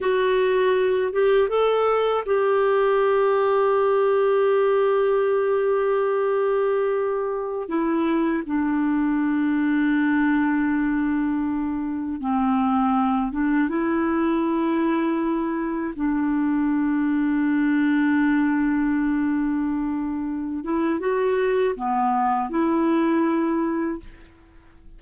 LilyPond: \new Staff \with { instrumentName = "clarinet" } { \time 4/4 \tempo 4 = 80 fis'4. g'8 a'4 g'4~ | g'1~ | g'2~ g'16 e'4 d'8.~ | d'1~ |
d'16 c'4. d'8 e'4.~ e'16~ | e'4~ e'16 d'2~ d'8.~ | d'2.~ d'8 e'8 | fis'4 b4 e'2 | }